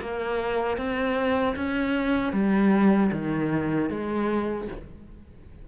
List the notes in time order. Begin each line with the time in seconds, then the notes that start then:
0.00 A#3
0.77 C4
1.55 C#4
2.32 G3
3.11 D#3
3.89 G#3